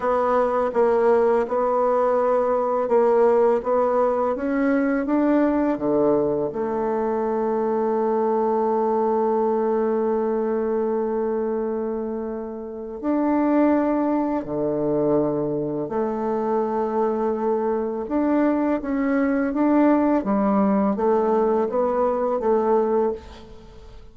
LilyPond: \new Staff \with { instrumentName = "bassoon" } { \time 4/4 \tempo 4 = 83 b4 ais4 b2 | ais4 b4 cis'4 d'4 | d4 a2.~ | a1~ |
a2 d'2 | d2 a2~ | a4 d'4 cis'4 d'4 | g4 a4 b4 a4 | }